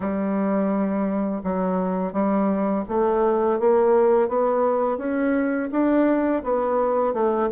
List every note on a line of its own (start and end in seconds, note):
0.00 1.42 G3
1.43 2.12 F#3
2.12 2.84 G3
2.88 3.59 A3
3.59 4.28 A#3
4.28 4.97 B3
4.97 5.69 C#4
5.71 6.43 D4
6.43 7.13 B3
7.13 7.49 A3